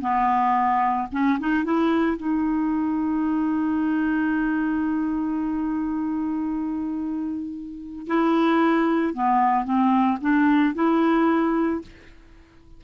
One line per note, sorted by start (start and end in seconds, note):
0.00 1.07 B3
1.11 1.38 C#4
1.39 1.64 D#4
1.64 2.16 E4
2.16 8.06 D#4
8.06 9.13 E4
9.13 9.64 B3
9.64 10.18 C4
10.21 10.74 D4
10.74 11.81 E4